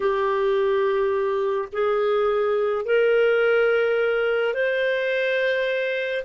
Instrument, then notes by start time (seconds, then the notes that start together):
clarinet
0.00 G4
1.72 G#4
2.85 A#4
4.54 C5